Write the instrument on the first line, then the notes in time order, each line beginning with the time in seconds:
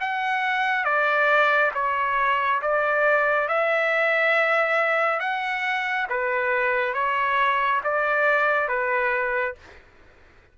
trumpet
0.00 F#5
0.84 D5
1.74 C#5
2.62 D5
3.48 E5
5.20 F#5
6.09 B4
6.94 C#5
7.83 D5
8.68 B4